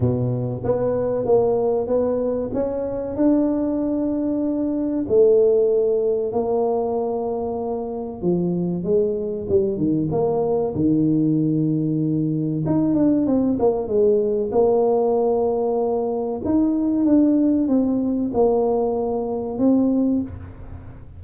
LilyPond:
\new Staff \with { instrumentName = "tuba" } { \time 4/4 \tempo 4 = 95 b,4 b4 ais4 b4 | cis'4 d'2. | a2 ais2~ | ais4 f4 gis4 g8 dis8 |
ais4 dis2. | dis'8 d'8 c'8 ais8 gis4 ais4~ | ais2 dis'4 d'4 | c'4 ais2 c'4 | }